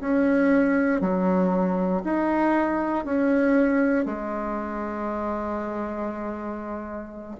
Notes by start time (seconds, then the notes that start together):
0.00 C#4
1.01 F#3
2.04 D#4
3.05 C#4
4.05 G#3